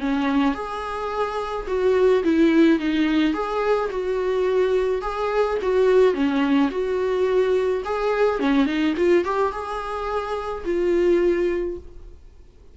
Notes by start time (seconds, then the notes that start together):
0.00 C#4
0.54 G#4
1.67 F#4
2.24 E4
2.79 D#4
3.33 G#4
3.90 F#4
5.02 G#4
5.62 F#4
6.14 C#4
6.70 F#4
7.85 G#4
8.39 C#4
8.66 D#4
8.97 F4
9.24 G4
9.52 G#4
10.65 F4